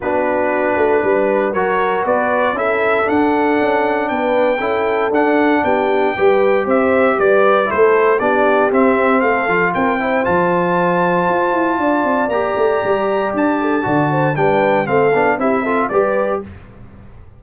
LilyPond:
<<
  \new Staff \with { instrumentName = "trumpet" } { \time 4/4 \tempo 4 = 117 b'2. cis''4 | d''4 e''4 fis''2 | g''2 fis''4 g''4~ | g''4 e''4 d''4 c''4 |
d''4 e''4 f''4 g''4 | a''1 | ais''2 a''2 | g''4 f''4 e''4 d''4 | }
  \new Staff \with { instrumentName = "horn" } { \time 4/4 fis'2 b'4 ais'4 | b'4 a'2. | b'4 a'2 g'4 | b'4 c''4 b'4 a'4 |
g'2 a'4 ais'8 c''8~ | c''2. d''4~ | d''2~ d''8 a'8 d''8 c''8 | b'4 a'4 g'8 a'8 b'4 | }
  \new Staff \with { instrumentName = "trombone" } { \time 4/4 d'2. fis'4~ | fis'4 e'4 d'2~ | d'4 e'4 d'2 | g'2. e'4 |
d'4 c'4. f'4 e'8 | f'1 | g'2. fis'4 | d'4 c'8 d'8 e'8 f'8 g'4 | }
  \new Staff \with { instrumentName = "tuba" } { \time 4/4 b4. a8 g4 fis4 | b4 cis'4 d'4 cis'4 | b4 cis'4 d'4 b4 | g4 c'4 g4 a4 |
b4 c'4 a8 f8 c'4 | f2 f'8 e'8 d'8 c'8 | ais8 a8 g4 d'4 d4 | g4 a8 b8 c'4 g4 | }
>>